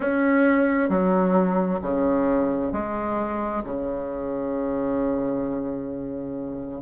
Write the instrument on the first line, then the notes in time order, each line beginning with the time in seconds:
bassoon
0.00 C#4
0.89 F#3
1.81 C#3
2.72 G#3
3.64 C#3